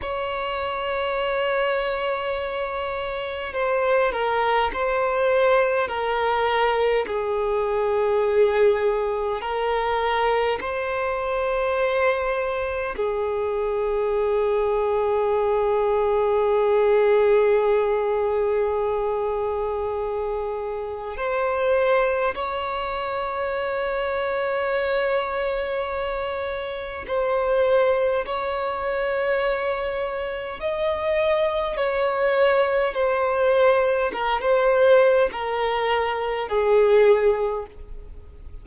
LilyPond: \new Staff \with { instrumentName = "violin" } { \time 4/4 \tempo 4 = 51 cis''2. c''8 ais'8 | c''4 ais'4 gis'2 | ais'4 c''2 gis'4~ | gis'1~ |
gis'2 c''4 cis''4~ | cis''2. c''4 | cis''2 dis''4 cis''4 | c''4 ais'16 c''8. ais'4 gis'4 | }